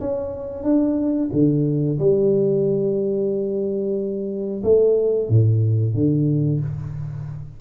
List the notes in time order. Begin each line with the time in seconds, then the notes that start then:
0.00 C#4
0.63 D4
1.32 D3
1.99 G3
4.63 A3
5.29 A2
5.94 D3